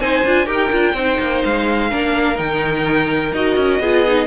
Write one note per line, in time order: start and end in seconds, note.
0.00 0.24 C4
0.00 0.25 D#4
0.00 0.45 C5
0.00 0.47 G#5
0.24 0.46 D4
0.24 0.46 F4
0.45 0.70 D#4
0.45 0.70 G4
0.45 0.93 A#4
0.45 1.43 G5
0.72 0.94 D4
0.72 0.95 F4
0.94 1.18 C4
0.94 1.91 D#4
0.94 1.90 C5
1.20 1.43 A#3
1.44 1.93 G#3
1.44 2.38 F5
1.90 2.39 A#3
1.90 2.36 D4
1.90 3.80 A#4
2.36 3.32 D#3
2.36 3.31 D#4
2.36 3.34 G5
3.32 3.56 D#4
3.32 3.82 F#4
3.32 4.27 D#5
3.56 3.79 C#4
3.79 4.27 B3
3.79 4.07 F4
3.79 4.27 G#4
4.07 4.27 D#4